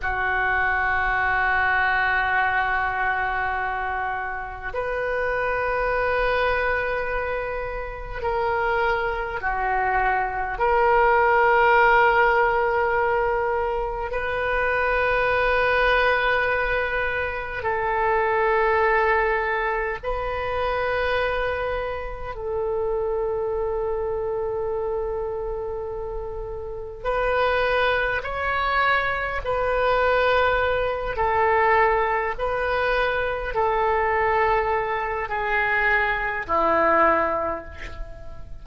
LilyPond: \new Staff \with { instrumentName = "oboe" } { \time 4/4 \tempo 4 = 51 fis'1 | b'2. ais'4 | fis'4 ais'2. | b'2. a'4~ |
a'4 b'2 a'4~ | a'2. b'4 | cis''4 b'4. a'4 b'8~ | b'8 a'4. gis'4 e'4 | }